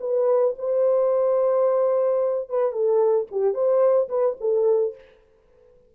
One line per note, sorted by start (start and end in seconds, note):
0.00 0.55 B4
0.59 2.49 C5
2.50 2.72 B4
2.72 3.27 A4
3.31 3.54 G4
3.54 4.09 C5
4.09 4.36 B4
4.41 4.95 A4